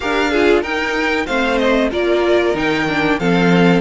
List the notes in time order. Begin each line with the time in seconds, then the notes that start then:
0.00 D4 G4 A#4 F5
0.31 F4 G#4
0.61 D#4 A#4 G5
1.26 A3 C4 C5 F5
1.57 D#5
1.91 A#3 F4 A#4 D5
2.54 D#3 D#4 G5
2.88 D4
3.19 F3 C4 A4 F5